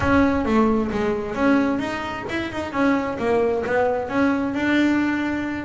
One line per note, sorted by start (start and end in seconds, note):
0.00 0.45 C#4
0.45 0.90 A3
0.91 1.35 G#3
1.35 1.79 C#4
1.79 2.24 D#4
2.29 2.51 E4
2.52 2.72 D#4
2.72 3.17 C#4
3.18 3.63 A#3
3.65 4.08 B3
4.08 4.54 C#4
4.54 5.65 D4